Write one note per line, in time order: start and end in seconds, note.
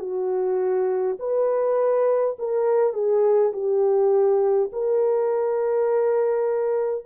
0.00 1.18 F#4
1.20 2.37 B4
2.39 2.94 A#4
2.94 3.52 G#4
3.53 4.71 G4
4.73 7.06 A#4